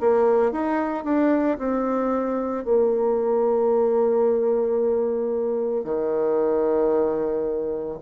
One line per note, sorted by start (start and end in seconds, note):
0.00 0.52 A#3
0.52 1.04 D#4
1.04 1.58 D4
1.58 2.64 C4
2.64 5.84 A#3
5.84 7.98 D#3